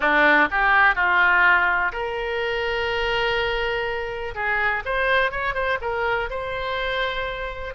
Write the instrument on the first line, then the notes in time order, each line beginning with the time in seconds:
oboe
0.00 D4
0.50 G4
0.95 F4
1.92 A#4
4.34 G#4
4.85 C5
5.31 C#5
5.54 C5
5.81 A#4
6.30 C5